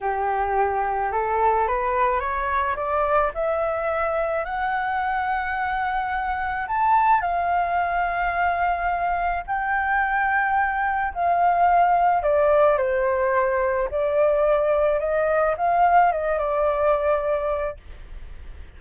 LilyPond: \new Staff \with { instrumentName = "flute" } { \time 4/4 \tempo 4 = 108 g'2 a'4 b'4 | cis''4 d''4 e''2 | fis''1 | a''4 f''2.~ |
f''4 g''2. | f''2 d''4 c''4~ | c''4 d''2 dis''4 | f''4 dis''8 d''2~ d''8 | }